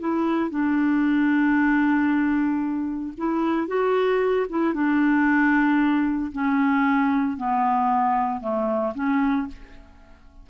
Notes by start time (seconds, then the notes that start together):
0.00 E4
0.50 D4
3.17 E4
3.68 F#4
4.50 E4
4.74 D4
6.32 C#4
7.37 B3
8.41 A3
8.95 C#4